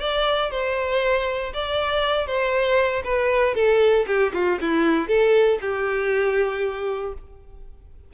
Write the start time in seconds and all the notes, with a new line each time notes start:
0.00 D5
0.51 C5
1.54 D5
2.27 C5
3.04 B4
3.55 A4
4.07 G4
4.33 F4
4.61 E4
5.08 A4
5.61 G4